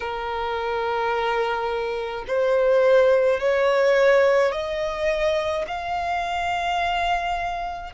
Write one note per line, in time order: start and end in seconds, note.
0.00 2.24 A#4
2.27 3.40 C5
3.40 4.51 C#5
4.51 5.64 D#5
5.67 7.93 F5